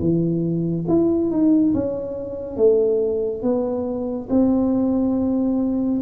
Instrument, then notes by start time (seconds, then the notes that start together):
tuba
0.00 E3
0.89 E4
1.31 D#4
1.75 C#4
2.57 A3
3.43 B3
4.30 C4